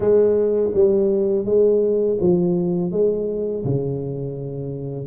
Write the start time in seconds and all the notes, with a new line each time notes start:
0.00 G#3
0.74 G3
1.45 G#3
2.20 F3
2.91 G#3
3.64 C#3